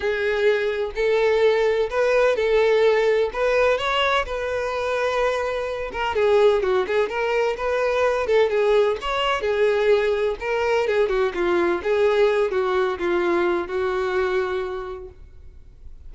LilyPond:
\new Staff \with { instrumentName = "violin" } { \time 4/4 \tempo 4 = 127 gis'2 a'2 | b'4 a'2 b'4 | cis''4 b'2.~ | b'8 ais'8 gis'4 fis'8 gis'8 ais'4 |
b'4. a'8 gis'4 cis''4 | gis'2 ais'4 gis'8 fis'8 | f'4 gis'4. fis'4 f'8~ | f'4 fis'2. | }